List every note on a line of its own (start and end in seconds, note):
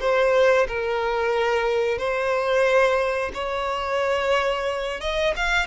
0.00 0.67 C5
0.68 1.98 A#4
1.98 3.31 C5
3.34 5.00 C#5
5.01 5.34 D#5
5.36 5.66 F5